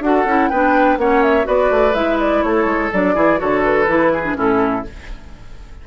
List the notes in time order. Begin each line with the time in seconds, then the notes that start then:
0.00 D4 F#4 A4 F#5
0.25 C#4 E4
0.49 B3 D4 B4 G5
0.97 A#3 C#4 C#5 F#5
1.22 E5
1.43 B3 F#4 B4 D5
1.70 A3
1.94 G#3 E4 E5
2.19 D5
2.42 A3 A4 C#5
2.65 G#3
2.92 F#3 D4 D5
3.14 E3 E4 G#4
3.37 D3 F#4 A4 C#5
3.64 B4
3.86 E3 E4
4.12 G#4
4.24 D4
4.34 A2 C#4 E4 A4